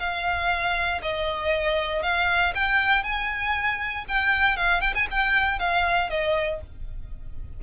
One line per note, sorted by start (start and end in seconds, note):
0.00 1.02 F5
1.03 2.03 D#5
2.03 2.54 F5
2.55 3.04 G5
3.04 4.06 G#5
4.09 4.57 G5
4.57 4.81 F5
4.81 4.94 G5
4.95 5.08 G#5
5.11 5.60 G5
5.60 6.10 F5
6.10 6.61 D#5